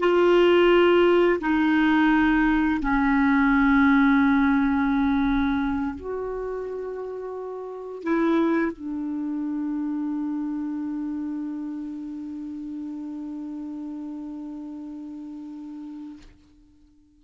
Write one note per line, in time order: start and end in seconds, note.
0.00 1.40 F4
1.41 2.80 D#4
2.82 5.96 C#4
5.96 8.03 F#4
8.03 8.72 E4
8.72 16.22 D4